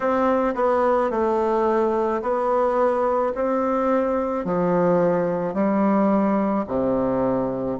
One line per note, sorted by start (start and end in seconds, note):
0.00 0.54 C4
0.55 1.10 B3
1.10 2.21 A3
2.22 3.33 B3
3.34 4.44 C4
4.44 5.54 F3
5.54 6.65 G3
6.67 7.78 C3